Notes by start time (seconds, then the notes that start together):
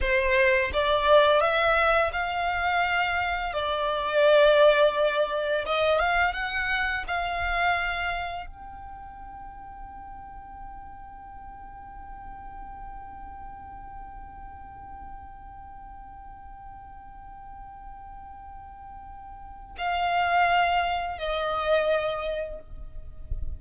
0.00 C5
0.73 D5
1.41 E5
2.12 F5
3.53 D5
5.65 D#5
5.99 F5
6.33 F#5
7.07 F5
8.46 G5
19.78 F5
21.18 D#5